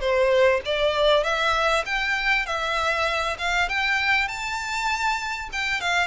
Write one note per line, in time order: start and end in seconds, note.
0.00 0.61 C5
0.65 1.23 D5
1.23 1.84 E5
1.85 2.46 G5
2.46 3.37 E5
3.38 3.68 F5
3.68 4.28 G5
4.28 5.49 A5
5.52 5.80 G5
5.80 6.07 F5